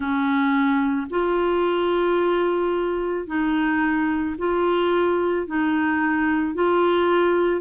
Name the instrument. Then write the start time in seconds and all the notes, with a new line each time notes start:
clarinet
0.00 C#4
1.10 F4
3.27 D#4
4.38 F4
5.46 D#4
6.54 F4